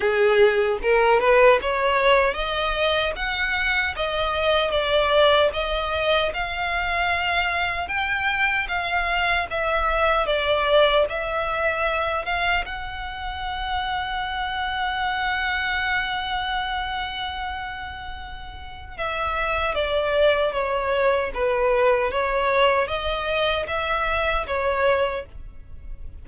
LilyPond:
\new Staff \with { instrumentName = "violin" } { \time 4/4 \tempo 4 = 76 gis'4 ais'8 b'8 cis''4 dis''4 | fis''4 dis''4 d''4 dis''4 | f''2 g''4 f''4 | e''4 d''4 e''4. f''8 |
fis''1~ | fis''1 | e''4 d''4 cis''4 b'4 | cis''4 dis''4 e''4 cis''4 | }